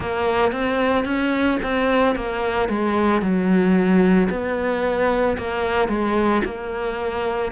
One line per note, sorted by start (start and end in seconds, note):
0.00 0.52 A#3
0.52 1.04 C4
1.04 1.58 C#4
1.62 2.15 C4
2.15 2.68 A#3
2.68 3.21 G#3
3.21 4.29 F#3
4.30 5.37 B3
5.37 5.88 A#3
5.88 6.41 G#3
6.44 7.51 A#3